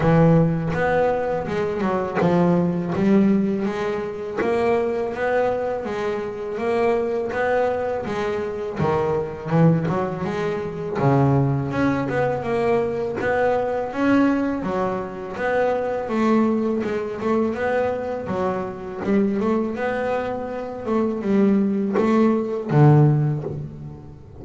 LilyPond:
\new Staff \with { instrumentName = "double bass" } { \time 4/4 \tempo 4 = 82 e4 b4 gis8 fis8 f4 | g4 gis4 ais4 b4 | gis4 ais4 b4 gis4 | dis4 e8 fis8 gis4 cis4 |
cis'8 b8 ais4 b4 cis'4 | fis4 b4 a4 gis8 a8 | b4 fis4 g8 a8 b4~ | b8 a8 g4 a4 d4 | }